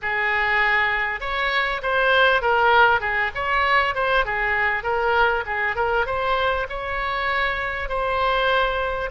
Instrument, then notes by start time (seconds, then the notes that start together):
oboe
0.02 G#4
1.20 C#5
1.82 C5
2.41 A#4
3.00 G#4
3.34 C#5
3.94 C5
4.25 G#4
4.83 A#4
5.45 G#4
5.75 A#4
6.06 C5
6.69 C#5
7.88 C5